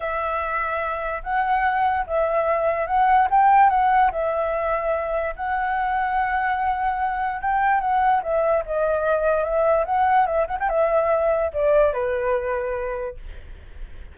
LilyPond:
\new Staff \with { instrumentName = "flute" } { \time 4/4 \tempo 4 = 146 e''2. fis''4~ | fis''4 e''2 fis''4 | g''4 fis''4 e''2~ | e''4 fis''2.~ |
fis''2 g''4 fis''4 | e''4 dis''2 e''4 | fis''4 e''8 fis''16 g''16 e''2 | d''4 b'2. | }